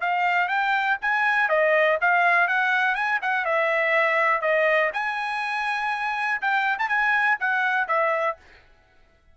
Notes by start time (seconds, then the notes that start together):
0.00 F5
0.48 G5
1.01 G#5
1.48 D#5
2.01 F5
2.47 F#5
2.94 G#5
3.21 F#5
3.44 E5
4.41 D#5
4.93 G#5
6.41 G5
6.78 A5
6.88 G#5
7.39 F#5
7.87 E5